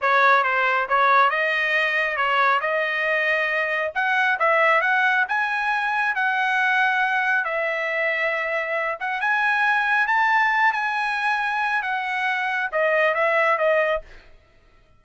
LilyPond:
\new Staff \with { instrumentName = "trumpet" } { \time 4/4 \tempo 4 = 137 cis''4 c''4 cis''4 dis''4~ | dis''4 cis''4 dis''2~ | dis''4 fis''4 e''4 fis''4 | gis''2 fis''2~ |
fis''4 e''2.~ | e''8 fis''8 gis''2 a''4~ | a''8 gis''2~ gis''8 fis''4~ | fis''4 dis''4 e''4 dis''4 | }